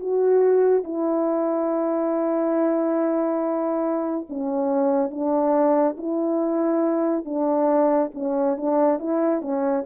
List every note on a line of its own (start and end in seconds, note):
0.00 0.84 F#4
0.84 4.27 E4
4.30 5.11 C#4
5.11 5.96 D4
5.98 7.25 E4
7.25 8.11 D4
8.15 8.57 C#4
8.57 8.99 D4
8.99 9.42 E4
9.42 9.85 C#4